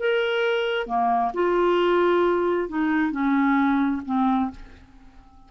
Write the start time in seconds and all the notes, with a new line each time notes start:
0.00 A#4
0.87 A#3
1.34 F4
2.69 D#4
3.12 C#4
4.06 C4